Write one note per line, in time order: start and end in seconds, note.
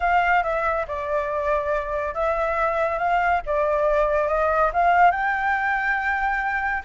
0.00 0.43 F5
0.43 0.86 E5
0.87 2.14 D5
2.14 2.98 E5
2.98 3.41 F5
3.46 4.27 D5
4.27 4.70 D#5
4.73 5.11 F5
5.11 6.82 G5